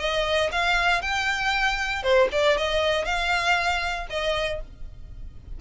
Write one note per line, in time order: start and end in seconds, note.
0.00 0.51 D#5
0.52 1.02 F5
1.02 2.03 G5
2.03 2.29 C5
2.32 2.58 D5
2.58 3.06 D#5
3.06 4.07 F5
4.10 4.61 D#5